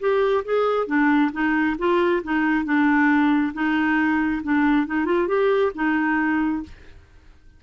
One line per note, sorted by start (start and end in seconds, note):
0.00 0.44 G4
0.45 0.87 G#4
0.87 1.31 D4
1.32 1.76 D#4
1.78 2.22 F4
2.24 2.65 D#4
2.65 3.53 D4
3.54 4.42 D#4
4.43 4.87 D4
4.87 5.05 D#4
5.05 5.27 F4
5.28 5.72 G4
5.75 6.63 D#4